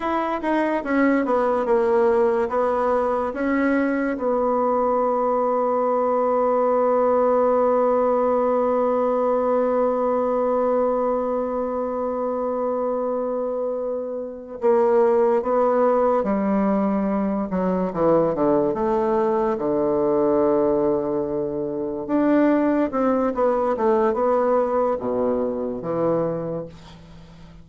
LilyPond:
\new Staff \with { instrumentName = "bassoon" } { \time 4/4 \tempo 4 = 72 e'8 dis'8 cis'8 b8 ais4 b4 | cis'4 b2.~ | b1~ | b1~ |
b4. ais4 b4 g8~ | g4 fis8 e8 d8 a4 d8~ | d2~ d8 d'4 c'8 | b8 a8 b4 b,4 e4 | }